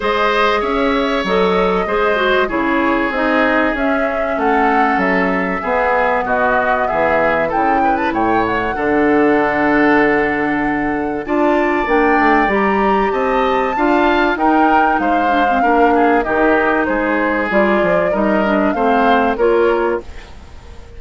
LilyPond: <<
  \new Staff \with { instrumentName = "flute" } { \time 4/4 \tempo 4 = 96 dis''4 e''4 dis''2 | cis''4 dis''4 e''4 fis''4 | e''2 dis''4 e''4 | g''8. a''16 g''8 fis''2~ fis''8~ |
fis''2 a''4 g''4 | ais''4 a''2 g''4 | f''2 dis''4 c''4 | d''4 dis''4 f''4 cis''4 | }
  \new Staff \with { instrumentName = "oboe" } { \time 4/4 c''4 cis''2 c''4 | gis'2. a'4~ | a'4 gis'4 fis'4 gis'4 | a'8 b'8 cis''4 a'2~ |
a'2 d''2~ | d''4 dis''4 f''4 ais'4 | c''4 ais'8 gis'8 g'4 gis'4~ | gis'4 ais'4 c''4 ais'4 | }
  \new Staff \with { instrumentName = "clarinet" } { \time 4/4 gis'2 a'4 gis'8 fis'8 | e'4 dis'4 cis'2~ | cis'4 b2. | e'2 d'2~ |
d'2 f'4 d'4 | g'2 f'4 dis'4~ | dis'8 d'16 c'16 d'4 dis'2 | f'4 dis'8 d'8 c'4 f'4 | }
  \new Staff \with { instrumentName = "bassoon" } { \time 4/4 gis4 cis'4 fis4 gis4 | cis4 c'4 cis'4 a4 | fis4 b4 b,4 e4 | cis4 a,4 d2~ |
d2 d'4 ais8 a8 | g4 c'4 d'4 dis'4 | gis4 ais4 dis4 gis4 | g8 f8 g4 a4 ais4 | }
>>